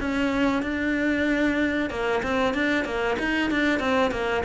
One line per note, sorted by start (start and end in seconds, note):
0.00 0.62 C#4
0.62 1.90 D4
1.90 2.22 A#3
2.23 2.54 C4
2.54 2.85 D4
2.85 3.17 A#3
3.19 3.50 D#4
3.50 3.79 D4
3.79 4.11 C4
4.11 4.43 A#3